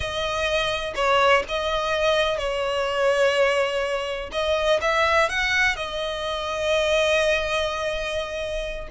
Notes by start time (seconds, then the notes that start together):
0.00 D#5
0.95 C#5
1.48 D#5
2.38 C#5
4.32 D#5
4.81 E5
5.29 F#5
5.76 D#5